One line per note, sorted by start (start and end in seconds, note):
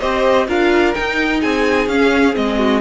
0.00 0.48 C4
0.00 0.48 G4
0.00 0.47 C5
0.00 0.47 D#5
0.47 0.95 D4
0.47 0.95 F4
0.47 1.41 A#4
0.47 0.94 F5
0.94 1.90 D#4
0.94 1.44 D#4
0.94 1.41 G5
1.41 1.87 C4
1.41 2.58 G#4
1.41 1.88 G#5
1.87 2.34 C#4
1.87 2.33 C#4
1.87 2.35 F5
2.33 2.81 G#3
2.33 2.80 C4
2.33 2.81 D#5
2.58 2.81 F#4